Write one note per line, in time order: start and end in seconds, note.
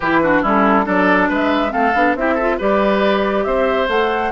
0.00 0.43 E3
0.00 0.23 E4
0.00 0.20 G4
0.00 0.42 B4
0.23 0.43 D4
0.23 0.41 F#4
0.41 0.86 G3
0.41 0.84 C#4
0.41 0.85 E4
0.41 0.87 A4
0.84 1.29 F#3
0.84 1.70 D4
0.84 1.28 A4
0.84 1.30 D5
1.28 1.72 G#3
1.28 1.71 B4
1.28 1.72 E5
1.70 1.94 A3
1.70 1.91 C4
1.70 2.16 A4
1.70 2.15 F5
1.94 2.15 B3
1.94 2.16 D4
2.15 2.58 C4
2.15 2.39 E4
2.15 2.34 G4
2.15 2.59 E5
2.34 2.59 F4
2.34 2.56 A4
2.58 3.45 G3
2.58 3.87 G4
2.58 3.44 B4
2.58 3.44 D5
3.44 3.88 C4
3.44 4.31 C5
3.44 3.87 E5
3.87 4.31 A3
3.87 4.31 A4
3.87 4.31 F#5